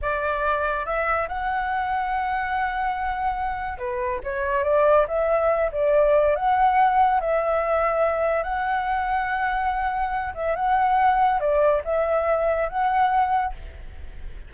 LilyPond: \new Staff \with { instrumentName = "flute" } { \time 4/4 \tempo 4 = 142 d''2 e''4 fis''4~ | fis''1~ | fis''4 b'4 cis''4 d''4 | e''4. d''4. fis''4~ |
fis''4 e''2. | fis''1~ | fis''8 e''8 fis''2 d''4 | e''2 fis''2 | }